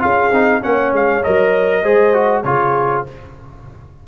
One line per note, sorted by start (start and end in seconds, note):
0.00 0.31 C#4
0.00 0.30 F4
0.00 0.62 G#4
0.00 0.63 F5
0.31 0.61 C4
0.31 0.62 D#4
0.62 0.92 A#3
0.62 1.23 C#4
0.62 1.83 C#5
0.62 0.94 F#5
0.92 1.23 G#3
0.92 1.24 F5
1.24 1.84 F#3
1.24 1.84 A#4
1.24 2.43 D#5
1.83 2.44 G#3
1.83 2.14 G#4
1.83 2.44 C5
2.14 2.45 F#4
2.43 3.05 C#3
2.43 3.06 F4
2.43 3.08 G#4
2.43 3.03 C#5